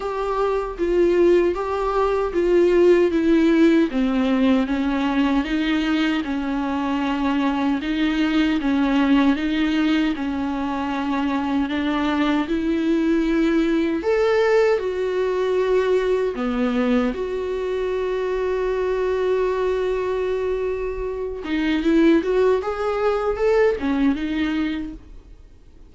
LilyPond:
\new Staff \with { instrumentName = "viola" } { \time 4/4 \tempo 4 = 77 g'4 f'4 g'4 f'4 | e'4 c'4 cis'4 dis'4 | cis'2 dis'4 cis'4 | dis'4 cis'2 d'4 |
e'2 a'4 fis'4~ | fis'4 b4 fis'2~ | fis'2.~ fis'8 dis'8 | e'8 fis'8 gis'4 a'8 cis'8 dis'4 | }